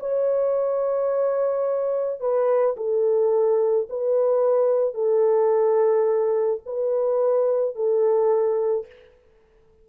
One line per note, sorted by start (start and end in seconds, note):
0.00 2.20 C#5
2.20 2.76 B4
2.77 3.88 A4
3.90 4.94 B4
4.94 6.61 A4
6.66 7.76 B4
7.76 8.87 A4